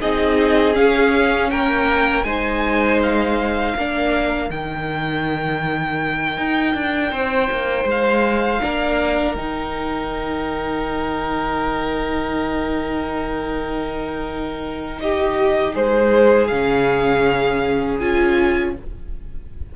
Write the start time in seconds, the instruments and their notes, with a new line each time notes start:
0.00 cello C4, viola D#4, violin G#4 D#5
0.74 viola C#4, cello C#4, violin F5
1.50 cello A#3, violin A#4 G5
2.23 cello G#3, viola D#4, violin C5 G#5
3.02 violin F5
3.76 cello A#3, viola D4, violin A#4
4.48 cello D#3, viola D#4, violin G5
6.37 cello D#4
6.74 cello D4
7.11 cello C4, violin C5
7.51 cello A#3
7.84 cello G#3
7.90 violin F5
8.61 cello A#3, viola D4, violin A#4
9.35 cello D#3, viola D#4, violin G5
15.00 violin G4 D#5
15.73 cello G#3, violin G#4 C5
16.47 cello C#3, viola C#4, violin F5
17.99 cello C#4, viola F4, violin G#5